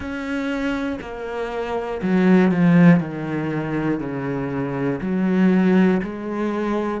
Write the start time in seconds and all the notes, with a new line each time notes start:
0.00 C#4
1.01 A#3
2.02 F#3
2.50 F3
3.00 D#3
4.00 C#3
5.01 F#3
6.02 G#3